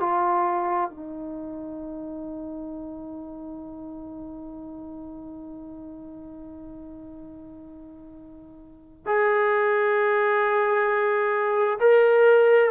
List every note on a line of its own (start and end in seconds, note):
0.00 0.90 F4
0.90 9.06 D#4
9.06 11.79 G#4
11.80 12.71 A#4